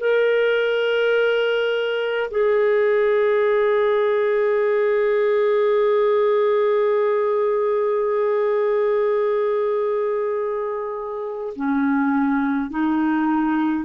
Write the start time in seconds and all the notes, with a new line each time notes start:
0.00 A#4
2.31 G#4
11.56 C#4
12.70 D#4